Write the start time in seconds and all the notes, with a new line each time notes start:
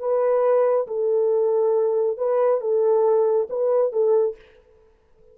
0.00 B4
0.88 A4
2.18 B4
2.61 A4
3.50 B4
3.92 A4